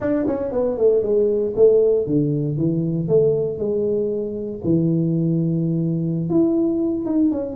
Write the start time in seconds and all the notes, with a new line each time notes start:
0.00 D4
0.27 C#4
0.51 B3
0.77 A3
1.02 G#3
1.55 A3
2.06 D3
2.57 E3
3.08 A3
3.58 G#3
4.64 E3
6.29 E4
7.05 D#4
7.31 C#4